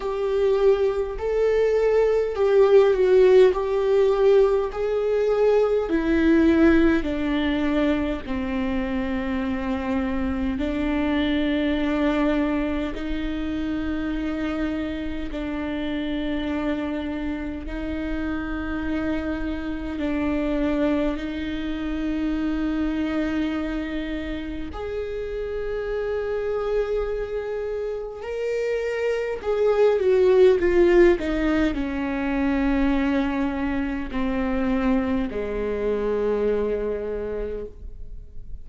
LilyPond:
\new Staff \with { instrumentName = "viola" } { \time 4/4 \tempo 4 = 51 g'4 a'4 g'8 fis'8 g'4 | gis'4 e'4 d'4 c'4~ | c'4 d'2 dis'4~ | dis'4 d'2 dis'4~ |
dis'4 d'4 dis'2~ | dis'4 gis'2. | ais'4 gis'8 fis'8 f'8 dis'8 cis'4~ | cis'4 c'4 gis2 | }